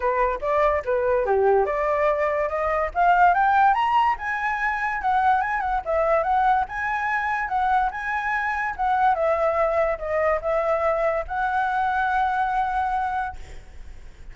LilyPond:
\new Staff \with { instrumentName = "flute" } { \time 4/4 \tempo 4 = 144 b'4 d''4 b'4 g'4 | d''2 dis''4 f''4 | g''4 ais''4 gis''2 | fis''4 gis''8 fis''8 e''4 fis''4 |
gis''2 fis''4 gis''4~ | gis''4 fis''4 e''2 | dis''4 e''2 fis''4~ | fis''1 | }